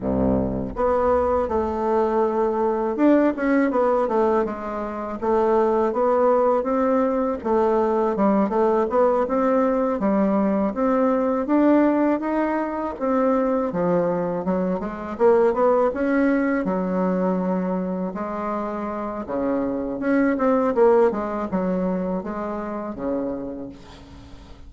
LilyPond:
\new Staff \with { instrumentName = "bassoon" } { \time 4/4 \tempo 4 = 81 c,4 b4 a2 | d'8 cis'8 b8 a8 gis4 a4 | b4 c'4 a4 g8 a8 | b8 c'4 g4 c'4 d'8~ |
d'8 dis'4 c'4 f4 fis8 | gis8 ais8 b8 cis'4 fis4.~ | fis8 gis4. cis4 cis'8 c'8 | ais8 gis8 fis4 gis4 cis4 | }